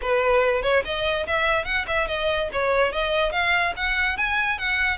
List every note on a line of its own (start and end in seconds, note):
0.01 0.62 B4
0.62 0.83 C#5
0.84 1.26 D#5
1.27 1.65 E5
1.65 1.85 F#5
1.87 2.07 E5
2.07 2.49 D#5
2.52 2.92 C#5
2.92 3.31 D#5
3.31 3.73 F5
3.76 4.17 F#5
4.17 4.58 G#5
4.58 4.97 F#5